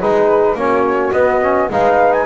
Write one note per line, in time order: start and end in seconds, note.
0.00 0.54 G#3
0.00 0.57 D#4
0.00 0.57 G#4
0.00 0.57 B4
0.54 1.11 A#3
0.54 1.13 C#4
0.54 1.70 F#4
0.54 1.12 C#5
1.12 1.69 B3
1.12 1.42 B3
1.12 1.69 D#5
1.42 1.70 C#4
1.70 2.26 G#3
1.70 2.26 D#4
1.70 2.26 B4
1.70 2.13 F5
2.13 2.26 G#5